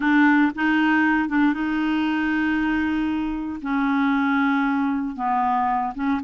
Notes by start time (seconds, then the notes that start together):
0.00 D4
0.55 D#4
1.29 D4
1.53 D#4
3.61 C#4
5.16 B3
5.95 C#4